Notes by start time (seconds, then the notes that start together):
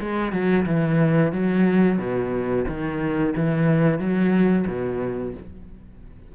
0.00 G#3
0.32 F#3
0.66 E3
1.32 F#3
1.98 B2
2.68 D#3
3.36 E3
3.99 F#3
4.67 B2